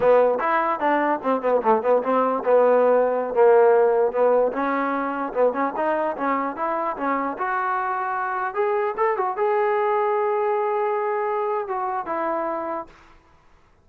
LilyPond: \new Staff \with { instrumentName = "trombone" } { \time 4/4 \tempo 4 = 149 b4 e'4 d'4 c'8 b8 | a8 b8 c'4 b2~ | b16 ais2 b4 cis'8.~ | cis'4~ cis'16 b8 cis'8 dis'4 cis'8.~ |
cis'16 e'4 cis'4 fis'4.~ fis'16~ | fis'4~ fis'16 gis'4 a'8 fis'8 gis'8.~ | gis'1~ | gis'4 fis'4 e'2 | }